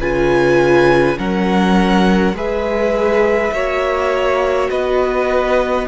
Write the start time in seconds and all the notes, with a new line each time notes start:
0.00 C#3 F4 B4 G#5
1.17 F#3 C#4 A#4 F#5
2.34 G#3 G#4 B4 E5
3.52 A#3 F#4 C#5
4.71 B3 B4 D#5